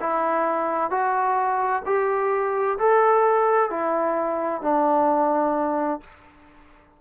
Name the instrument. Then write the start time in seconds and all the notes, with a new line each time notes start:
trombone
0.00 E4
0.90 F#4
1.86 G4
2.79 A4
3.70 E4
4.62 D4